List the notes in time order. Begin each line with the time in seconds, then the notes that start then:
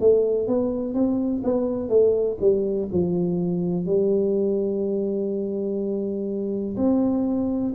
0.00 A3
0.48 B3
0.94 C4
1.44 B3
1.89 A3
2.41 G3
2.92 F3
3.86 G3
6.77 C4